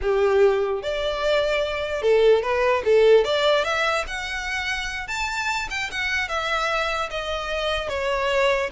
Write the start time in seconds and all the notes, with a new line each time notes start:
0.01 G4
0.82 D5
2.01 A4
2.42 B4
2.84 A4
3.24 D5
3.64 E5
4.07 F#5
5.07 A5
5.70 G5
5.91 F#5
6.28 E5
7.10 D#5
7.89 C#5